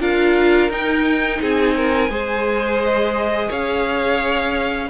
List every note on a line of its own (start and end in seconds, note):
0.00 0.69 D4
0.00 0.70 F4
0.00 1.40 A#4
0.00 0.71 F5
0.69 1.39 D#4
0.69 2.10 D#4
0.69 1.41 G5
1.40 2.09 C4
1.40 1.75 G#4
1.40 2.83 G#5
1.76 2.10 A#4
2.09 3.49 G#3
2.09 4.89 G#4
2.09 3.48 C5
2.83 3.51 D#5
3.48 4.89 C#4
3.48 4.88 C#5
3.48 4.89 F5